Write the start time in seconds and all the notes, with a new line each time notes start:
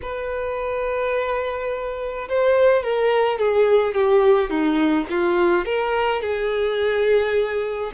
0.02 B4
2.28 C5
2.83 A#4
3.38 G#4
3.94 G4
4.50 D#4
5.09 F4
5.65 A#4
6.21 G#4